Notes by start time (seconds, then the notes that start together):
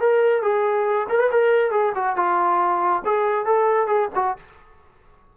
0.00 A#4
0.42 G#4
1.09 A#4
1.19 B4
1.31 A#4
1.71 G#4
1.95 F#4
2.16 F4
3.05 G#4
3.45 A4
3.87 G#4
4.15 F#4